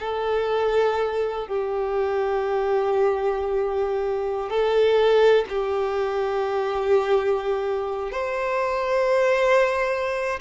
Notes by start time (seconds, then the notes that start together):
0.00 A4
1.48 G4
4.50 A4
5.49 G4
8.12 C5